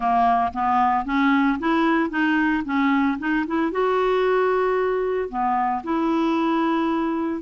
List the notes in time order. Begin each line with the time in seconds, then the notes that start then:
0.00 A#3
0.53 B3
1.05 C#4
1.59 E4
2.10 D#4
2.65 C#4
3.19 D#4
3.46 E4
3.71 F#4
5.29 B3
5.83 E4